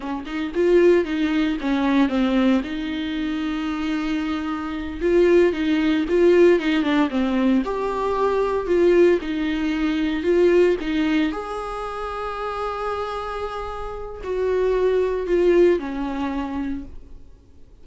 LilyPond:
\new Staff \with { instrumentName = "viola" } { \time 4/4 \tempo 4 = 114 cis'8 dis'8 f'4 dis'4 cis'4 | c'4 dis'2.~ | dis'4. f'4 dis'4 f'8~ | f'8 dis'8 d'8 c'4 g'4.~ |
g'8 f'4 dis'2 f'8~ | f'8 dis'4 gis'2~ gis'8~ | gis'2. fis'4~ | fis'4 f'4 cis'2 | }